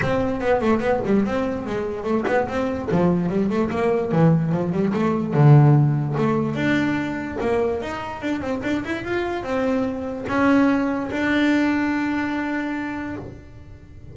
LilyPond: \new Staff \with { instrumentName = "double bass" } { \time 4/4 \tempo 4 = 146 c'4 b8 a8 b8 g8 c'4 | gis4 a8 b8 c'4 f4 | g8 a8 ais4 e4 f8 g8 | a4 d2 a4 |
d'2 ais4 dis'4 | d'8 c'8 d'8 e'8 f'4 c'4~ | c'4 cis'2 d'4~ | d'1 | }